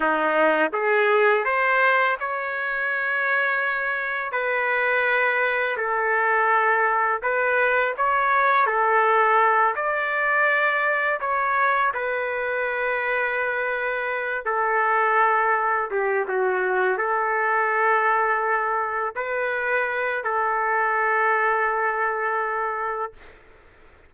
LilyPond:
\new Staff \with { instrumentName = "trumpet" } { \time 4/4 \tempo 4 = 83 dis'4 gis'4 c''4 cis''4~ | cis''2 b'2 | a'2 b'4 cis''4 | a'4. d''2 cis''8~ |
cis''8 b'2.~ b'8 | a'2 g'8 fis'4 a'8~ | a'2~ a'8 b'4. | a'1 | }